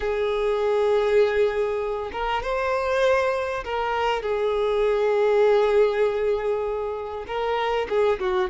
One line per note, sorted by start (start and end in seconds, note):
0.00 2.10 G#4
2.12 2.42 A#4
2.42 3.64 C5
3.64 4.22 A#4
4.22 7.25 G#4
7.27 7.87 A#4
7.89 8.19 G#4
8.19 8.50 F#4